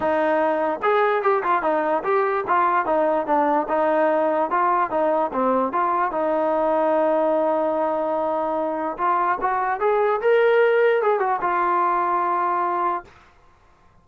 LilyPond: \new Staff \with { instrumentName = "trombone" } { \time 4/4 \tempo 4 = 147 dis'2 gis'4 g'8 f'8 | dis'4 g'4 f'4 dis'4 | d'4 dis'2 f'4 | dis'4 c'4 f'4 dis'4~ |
dis'1~ | dis'2 f'4 fis'4 | gis'4 ais'2 gis'8 fis'8 | f'1 | }